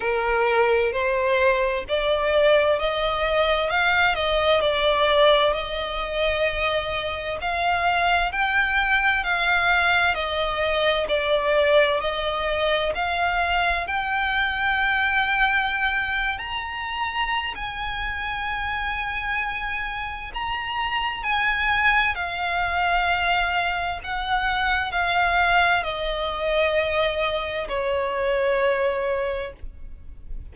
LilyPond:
\new Staff \with { instrumentName = "violin" } { \time 4/4 \tempo 4 = 65 ais'4 c''4 d''4 dis''4 | f''8 dis''8 d''4 dis''2 | f''4 g''4 f''4 dis''4 | d''4 dis''4 f''4 g''4~ |
g''4.~ g''16 ais''4~ ais''16 gis''4~ | gis''2 ais''4 gis''4 | f''2 fis''4 f''4 | dis''2 cis''2 | }